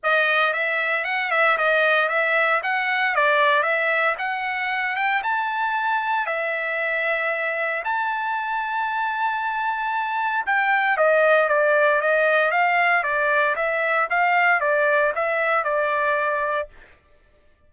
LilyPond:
\new Staff \with { instrumentName = "trumpet" } { \time 4/4 \tempo 4 = 115 dis''4 e''4 fis''8 e''8 dis''4 | e''4 fis''4 d''4 e''4 | fis''4. g''8 a''2 | e''2. a''4~ |
a''1 | g''4 dis''4 d''4 dis''4 | f''4 d''4 e''4 f''4 | d''4 e''4 d''2 | }